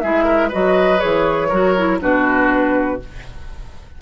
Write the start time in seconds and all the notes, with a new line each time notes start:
0.00 G#3 E4 G#4 E5
0.24 A#4
0.49 F#3 F#4 B4 D#5
0.99 E3 G#4 C#5
1.49 F#3 F#4 A#4
1.77 E4
2.01 B2 D4 F#4 B4